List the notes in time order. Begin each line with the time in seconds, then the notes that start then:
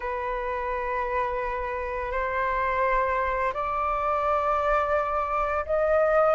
0.00 B4
2.11 C5
3.53 D5
5.65 D#5